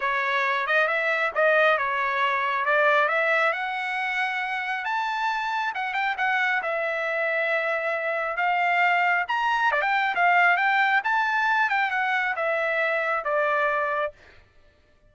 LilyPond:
\new Staff \with { instrumentName = "trumpet" } { \time 4/4 \tempo 4 = 136 cis''4. dis''8 e''4 dis''4 | cis''2 d''4 e''4 | fis''2. a''4~ | a''4 fis''8 g''8 fis''4 e''4~ |
e''2. f''4~ | f''4 ais''4 d''16 g''8. f''4 | g''4 a''4. g''8 fis''4 | e''2 d''2 | }